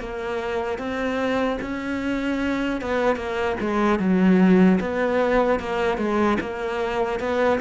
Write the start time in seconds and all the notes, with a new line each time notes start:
0.00 A#3
0.79 C4
1.61 C#4
2.81 B3
3.16 A#3
3.60 G#3
3.99 F#3
4.80 B3
5.59 A#3
5.98 G#3
6.40 A#3
7.20 B3